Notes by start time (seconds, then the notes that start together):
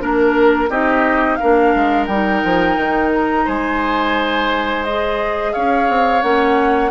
0.00 A#3 D4 A#4
0.69 C4 D#4 G4 D#5
1.36 D4 A#4 F5
1.43 A#3
1.75 G#3
2.07 G3 D#4 G5
2.44 F3
2.77 D#3
3.15 A#5
3.45 G#3 C5 G#5
4.84 G#4 D#5
5.53 C#4 C#5 F5
5.89 C4
6.22 A#3 C#4 F#5